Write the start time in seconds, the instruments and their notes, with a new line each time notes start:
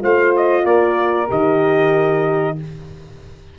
0.00 tuba A3, horn F4, saxophone C5, trumpet F5
0.37 trumpet D#5
0.64 tuba A#3, saxophone A#4, trumpet D5
1.29 tuba D#3, horn G4, trumpet D#5